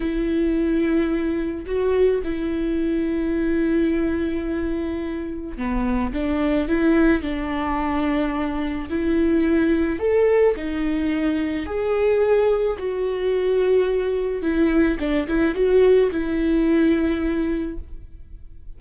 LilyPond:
\new Staff \with { instrumentName = "viola" } { \time 4/4 \tempo 4 = 108 e'2. fis'4 | e'1~ | e'2 b4 d'4 | e'4 d'2. |
e'2 a'4 dis'4~ | dis'4 gis'2 fis'4~ | fis'2 e'4 d'8 e'8 | fis'4 e'2. | }